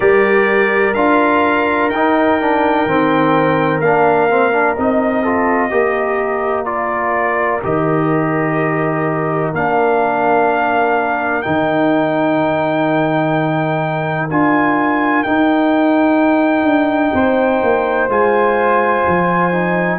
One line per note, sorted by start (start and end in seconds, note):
0.00 0.94 G3
0.00 0.94 G4
0.00 5.22 A#4
0.00 0.94 D5
0.94 1.89 D4
0.94 1.91 F4
0.94 1.89 F5
1.89 2.84 D#4
1.89 2.40 D#4
1.89 3.80 G5
2.40 2.87 D4
2.86 3.79 D#3
2.86 3.82 C4
3.79 4.74 A#3
3.79 4.29 D4
3.79 4.76 F5
4.29 4.52 C4
4.52 4.76 D4
4.77 5.71 C4
4.77 5.25 D#4
4.77 6.65 D#5
5.22 5.70 F4
5.22 5.69 A4
5.70 7.62 A#3
5.70 6.65 G4
5.70 17.14 A#4
6.65 7.60 F4
6.65 7.60 D5
7.62 9.53 D#3
7.62 9.53 G4
7.62 9.55 D#5
9.53 11.43 A#3
9.53 11.43 D4
9.53 11.42 F5
11.42 14.30 D#3
11.42 14.29 D#4
11.42 14.27 G5
14.30 15.25 D4
14.30 15.25 F4
14.30 15.23 G#5
15.23 18.09 D#4
15.23 16.63 D#4
15.23 18.09 G5
16.63 17.11 D4
17.13 17.61 C4
17.13 19.99 C5
17.62 18.08 A#3
18.08 19.03 G#3
18.08 19.52 F4
18.08 19.99 G#5
19.07 19.99 F3
19.52 19.99 D#4